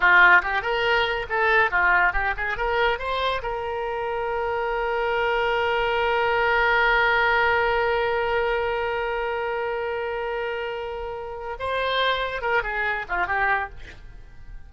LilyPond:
\new Staff \with { instrumentName = "oboe" } { \time 4/4 \tempo 4 = 140 f'4 g'8 ais'4. a'4 | f'4 g'8 gis'8 ais'4 c''4 | ais'1~ | ais'1~ |
ais'1~ | ais'1~ | ais'2. c''4~ | c''4 ais'8 gis'4 f'8 g'4 | }